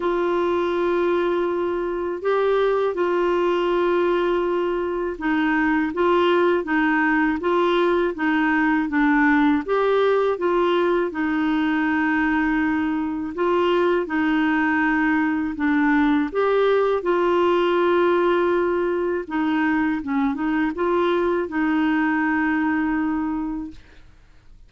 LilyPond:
\new Staff \with { instrumentName = "clarinet" } { \time 4/4 \tempo 4 = 81 f'2. g'4 | f'2. dis'4 | f'4 dis'4 f'4 dis'4 | d'4 g'4 f'4 dis'4~ |
dis'2 f'4 dis'4~ | dis'4 d'4 g'4 f'4~ | f'2 dis'4 cis'8 dis'8 | f'4 dis'2. | }